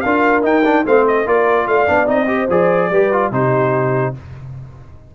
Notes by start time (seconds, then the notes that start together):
0.00 D4 F4 A#4 F5
0.42 D#4 G5
0.64 D4
0.84 A3 C4 C5 F5
1.07 D#5
1.26 A#3 F4 A#4 D5
1.67 A3 D5 F5
1.87 B3 D4
2.06 C4 D#4 D#5
2.27 G4 C5
2.49 F3 G#4 D5
2.90 G3 G4 B4
3.12 F4
3.31 C3 D#4 G4 C5